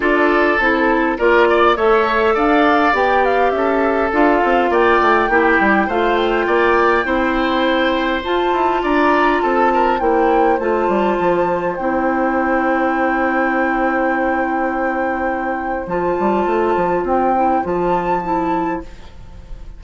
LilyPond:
<<
  \new Staff \with { instrumentName = "flute" } { \time 4/4 \tempo 4 = 102 d''4 a'4 d''4 e''4 | f''4 g''8 f''8 e''4 f''4 | g''2 f''8 g''4.~ | g''2 a''4 ais''4 |
a''4 g''4 a''2 | g''1~ | g''2. a''4~ | a''4 g''4 a''2 | }
  \new Staff \with { instrumentName = "oboe" } { \time 4/4 a'2 ais'8 d''8 cis''4 | d''2 a'2 | d''4 g'4 c''4 d''4 | c''2. d''4 |
a'8 ais'8 c''2.~ | c''1~ | c''1~ | c''1 | }
  \new Staff \with { instrumentName = "clarinet" } { \time 4/4 f'4 e'4 f'4 a'4~ | a'4 g'2 f'4~ | f'4 e'4 f'2 | e'2 f'2~ |
f'4 e'4 f'2 | e'1~ | e'2. f'4~ | f'4. e'8 f'4 e'4 | }
  \new Staff \with { instrumentName = "bassoon" } { \time 4/4 d'4 c'4 ais4 a4 | d'4 b4 cis'4 d'8 c'8 | ais8 a8 ais8 g8 a4 ais4 | c'2 f'8 e'8 d'4 |
c'4 ais4 a8 g8 f4 | c'1~ | c'2. f8 g8 | a8 f8 c'4 f2 | }
>>